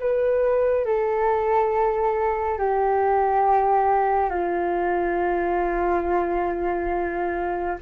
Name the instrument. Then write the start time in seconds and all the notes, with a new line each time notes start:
flute
0.00 B4
0.85 A4
2.58 G4
4.30 F4